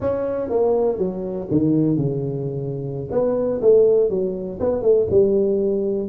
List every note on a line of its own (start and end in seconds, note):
0.00 0.49 C#4
0.49 0.98 A#3
0.98 1.47 F#3
1.50 1.97 D#3
1.97 3.08 C#3
3.11 3.60 B3
3.61 4.09 A3
4.09 4.59 F#3
4.60 4.82 B3
4.82 5.06 A3
5.10 6.08 G3